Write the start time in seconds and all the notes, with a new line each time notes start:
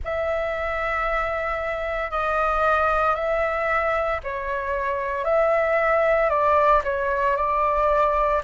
0.04 E5
2.11 D#5
3.15 E5
4.23 C#5
5.24 E5
6.29 D5
6.84 C#5
7.36 D5